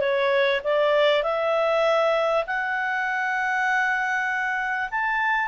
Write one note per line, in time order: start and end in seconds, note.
0.00 0.61 C#5
0.64 1.23 D5
1.23 2.44 E5
2.47 4.89 F#5
4.90 5.48 A5